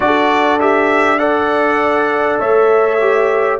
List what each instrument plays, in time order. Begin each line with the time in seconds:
0.00 tuba D4, trombone F#4, horn A4, trumpet D5
0.60 trombone G4, trumpet E5
1.18 trombone A4, horn D5, trumpet F#5
2.39 tuba A3, horn C#5, trumpet E5
3.00 trombone G4